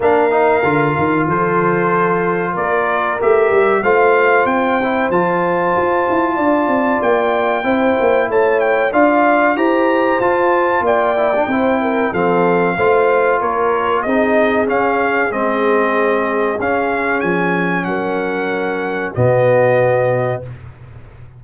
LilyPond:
<<
  \new Staff \with { instrumentName = "trumpet" } { \time 4/4 \tempo 4 = 94 f''2 c''2 | d''4 e''4 f''4 g''4 | a''2. g''4~ | g''4 a''8 g''8 f''4 ais''4 |
a''4 g''2 f''4~ | f''4 cis''4 dis''4 f''4 | dis''2 f''4 gis''4 | fis''2 dis''2 | }
  \new Staff \with { instrumentName = "horn" } { \time 4/4 ais'2 a'2 | ais'2 c''2~ | c''2 d''2 | c''4 cis''4 d''4 c''4~ |
c''4 d''4 c''8 ais'8 a'4 | c''4 ais'4 gis'2~ | gis'1 | ais'2 fis'2 | }
  \new Staff \with { instrumentName = "trombone" } { \time 4/4 d'8 dis'8 f'2.~ | f'4 g'4 f'4. e'8 | f'1 | e'2 f'4 g'4 |
f'4. e'16 d'16 e'4 c'4 | f'2 dis'4 cis'4 | c'2 cis'2~ | cis'2 b2 | }
  \new Staff \with { instrumentName = "tuba" } { \time 4/4 ais4 d8 dis8 f2 | ais4 a8 g8 a4 c'4 | f4 f'8 e'8 d'8 c'8 ais4 | c'8 ais8 a4 d'4 e'4 |
f'4 ais4 c'4 f4 | a4 ais4 c'4 cis'4 | gis2 cis'4 f4 | fis2 b,2 | }
>>